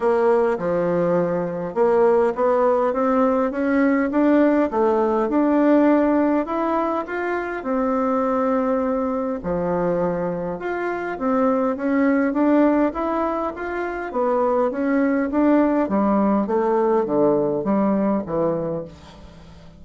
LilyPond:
\new Staff \with { instrumentName = "bassoon" } { \time 4/4 \tempo 4 = 102 ais4 f2 ais4 | b4 c'4 cis'4 d'4 | a4 d'2 e'4 | f'4 c'2. |
f2 f'4 c'4 | cis'4 d'4 e'4 f'4 | b4 cis'4 d'4 g4 | a4 d4 g4 e4 | }